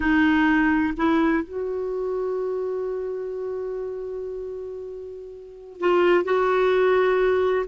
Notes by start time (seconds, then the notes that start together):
0.00 D#4
0.96 E4
1.43 F#4
5.80 F4
6.24 F#4